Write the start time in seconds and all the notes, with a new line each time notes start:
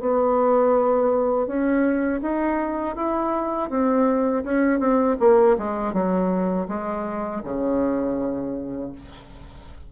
0.00 B3
1.47 C#4
2.22 D#4
2.96 E4
3.70 C4
4.44 C#4
4.79 C4
5.20 A#3
5.58 G#3
5.93 F#3
6.68 G#3
7.44 C#3